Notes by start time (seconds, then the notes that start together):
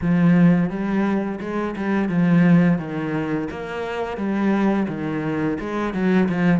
0.01 F3
0.69 G3
1.40 G#3
1.76 G3
2.08 F3
2.78 D#3
3.50 A#3
4.17 G3
4.88 D#3
5.60 G#3
5.93 F#3
6.29 F3